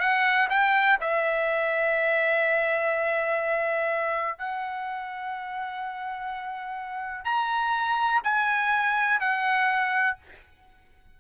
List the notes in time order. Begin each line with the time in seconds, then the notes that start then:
0.00 F#5
0.50 G5
1.01 E5
4.38 F#5
7.25 A#5
8.24 G#5
9.20 F#5